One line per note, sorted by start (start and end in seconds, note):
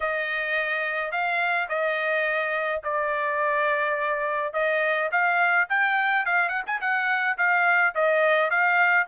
0.00 1.11 D#5
1.11 1.68 F5
1.68 2.81 D#5
2.83 4.53 D5
4.53 5.09 D#5
5.11 5.68 F5
5.69 6.25 G5
6.25 6.48 F5
6.48 6.62 F#5
6.66 6.80 G#5
6.80 7.37 F#5
7.37 7.94 F5
7.94 8.50 D#5
8.50 9.06 F5